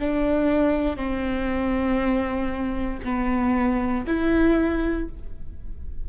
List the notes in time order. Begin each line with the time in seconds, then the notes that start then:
0.00 D4
0.97 C4
3.04 B3
4.07 E4